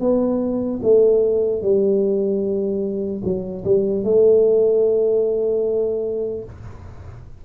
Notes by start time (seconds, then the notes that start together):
0.00 B3
0.83 A3
1.62 G3
3.24 F#3
3.65 G3
4.04 A3